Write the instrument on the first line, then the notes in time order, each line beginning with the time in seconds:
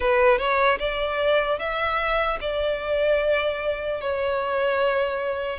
violin
0.00 B4
0.38 C#5
0.79 D5
1.59 E5
2.40 D5
4.00 C#5